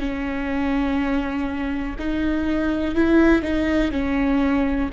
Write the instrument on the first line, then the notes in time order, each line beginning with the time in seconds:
viola
0.00 C#4
1.99 D#4
2.95 E4
3.42 D#4
3.92 C#4